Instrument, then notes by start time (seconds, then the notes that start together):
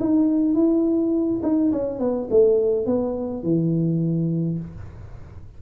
tuba
0.00 D#4
0.54 E4
1.43 D#4
1.72 C#4
1.99 B3
2.30 A3
2.86 B3
3.43 E3